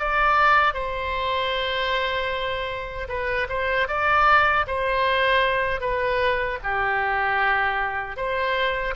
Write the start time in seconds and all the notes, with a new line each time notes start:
0.00 D5
0.74 C5
3.09 B4
3.50 C5
3.89 D5
4.68 C5
5.81 B4
6.64 G4
8.17 C5